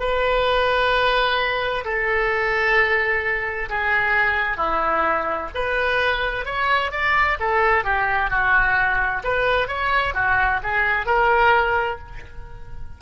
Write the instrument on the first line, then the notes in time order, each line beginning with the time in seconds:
oboe
0.00 B4
1.85 A4
3.70 G#4
4.57 E4
5.55 B4
6.46 C#5
6.92 D5
7.40 A4
7.84 G4
8.31 F#4
9.24 B4
9.68 C#5
10.15 F#4
10.64 G#4
11.06 A#4